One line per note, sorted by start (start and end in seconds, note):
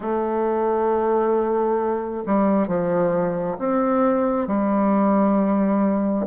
0.00 2.23 A3
2.26 2.67 G3
2.67 3.57 F3
3.58 4.47 C4
4.47 6.26 G3